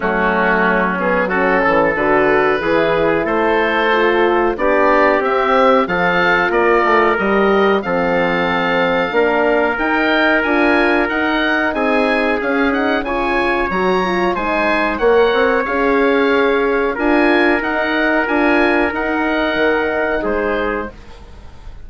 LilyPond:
<<
  \new Staff \with { instrumentName = "oboe" } { \time 4/4 \tempo 4 = 92 fis'4. gis'8 a'4 b'4~ | b'4 c''2 d''4 | e''4 f''4 d''4 dis''4 | f''2. g''4 |
gis''4 fis''4 gis''4 f''8 fis''8 | gis''4 ais''4 gis''4 fis''4 | f''2 gis''4 fis''4 | gis''4 fis''2 c''4 | }
  \new Staff \with { instrumentName = "trumpet" } { \time 4/4 cis'2 fis'8 a'4. | gis'4 a'2 g'4~ | g'4 a'4 ais'2 | a'2 ais'2~ |
ais'2 gis'2 | cis''2 c''4 cis''4~ | cis''2 ais'2~ | ais'2. gis'4 | }
  \new Staff \with { instrumentName = "horn" } { \time 4/4 a4. b8 cis'4 fis'4 | e'2 f'4 d'4 | c'4 f'2 g'4 | c'2 d'4 dis'4 |
f'4 dis'2 cis'8 dis'8 | f'4 fis'8 f'8 dis'4 ais'4 | gis'2 f'4 dis'4 | f'4 dis'2. | }
  \new Staff \with { instrumentName = "bassoon" } { \time 4/4 fis2~ fis8 e8 d4 | e4 a2 b4 | c'4 f4 ais8 a8 g4 | f2 ais4 dis'4 |
d'4 dis'4 c'4 cis'4 | cis4 fis4 gis4 ais8 c'8 | cis'2 d'4 dis'4 | d'4 dis'4 dis4 gis4 | }
>>